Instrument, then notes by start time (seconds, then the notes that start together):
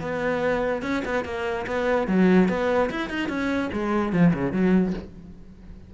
cello
0.00 B3
0.82 C#4
1.05 B3
1.25 A#3
1.66 B3
2.07 F#3
2.49 B3
2.90 E4
3.10 D#4
3.29 C#4
3.73 G#3
4.12 F3
4.34 C#3
4.52 F#3